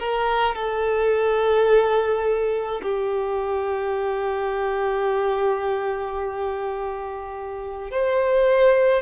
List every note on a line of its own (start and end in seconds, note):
0.00 0.55 A#4
0.55 2.81 A4
2.83 7.91 G4
7.91 9.03 C5